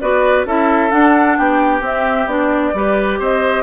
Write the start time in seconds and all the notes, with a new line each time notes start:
0.00 B3 F#4 B4 D5
0.45 C#4 E4 A4 E5
0.90 D4 F#5
1.37 B3 G4 G5
1.81 C4 E5
2.26 B3 D4 D5
2.73 G3 G4 B4
3.19 C4 C5 D#5